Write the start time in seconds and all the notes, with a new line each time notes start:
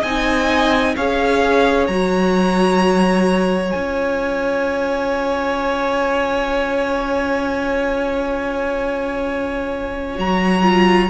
0.00 C4 D#4 D#5 G#5
0.96 C#4 G#4 C#5 F5
1.87 F#3 F#4 A#5
3.70 C#4 F4 G#5
10.16 F#3 F#4 A#5
10.63 F4